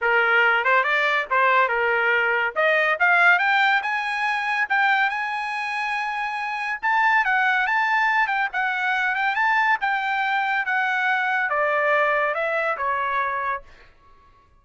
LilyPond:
\new Staff \with { instrumentName = "trumpet" } { \time 4/4 \tempo 4 = 141 ais'4. c''8 d''4 c''4 | ais'2 dis''4 f''4 | g''4 gis''2 g''4 | gis''1 |
a''4 fis''4 a''4. g''8 | fis''4. g''8 a''4 g''4~ | g''4 fis''2 d''4~ | d''4 e''4 cis''2 | }